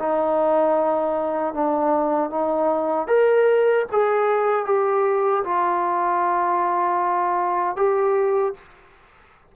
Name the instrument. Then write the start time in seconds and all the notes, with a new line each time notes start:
trombone
0.00 D#4
1.54 D4
2.31 D#4
3.08 A#4
3.92 G#4
4.66 G4
5.45 F4
7.77 G4